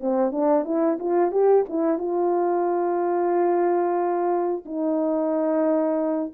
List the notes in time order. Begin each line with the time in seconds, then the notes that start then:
0.00 C4
0.31 D4
0.64 E4
0.99 F4
1.31 G4
1.68 E4
1.98 F4
4.65 D#4